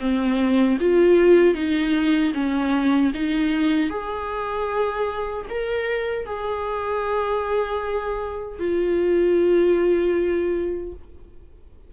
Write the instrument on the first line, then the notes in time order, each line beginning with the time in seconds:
viola
0.00 C4
0.80 F4
1.55 D#4
2.34 C#4
3.14 D#4
3.90 G#4
5.49 A#4
6.26 G#4
8.59 F4